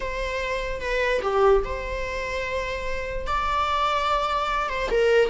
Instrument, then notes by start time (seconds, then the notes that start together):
viola
0.00 C5
0.80 B4
1.21 G4
1.64 C5
3.27 D5
4.69 C5
4.90 A#4